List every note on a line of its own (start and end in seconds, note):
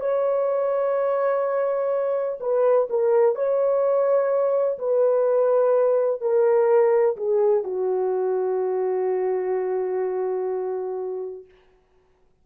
0.00 2.38 C#5
2.40 2.87 B4
2.90 3.35 A#4
3.35 4.78 C#5
4.78 6.21 B4
6.21 7.16 A#4
7.16 7.64 G#4
7.64 11.45 F#4